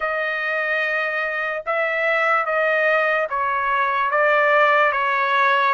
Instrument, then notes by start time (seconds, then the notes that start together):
trumpet
0.00 D#5
1.66 E5
2.45 D#5
3.29 C#5
4.11 D5
4.92 C#5